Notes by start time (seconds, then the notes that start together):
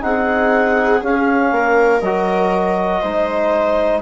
0.00 C4 D#4 G#4 F#5
1.01 C#4 F5
1.51 A#3 A#4
2.00 F#3 F#4 D#5
3.00 G#3 D#4 C5